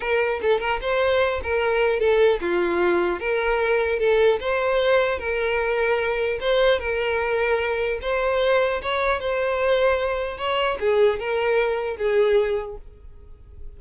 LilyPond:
\new Staff \with { instrumentName = "violin" } { \time 4/4 \tempo 4 = 150 ais'4 a'8 ais'8 c''4. ais'8~ | ais'4 a'4 f'2 | ais'2 a'4 c''4~ | c''4 ais'2. |
c''4 ais'2. | c''2 cis''4 c''4~ | c''2 cis''4 gis'4 | ais'2 gis'2 | }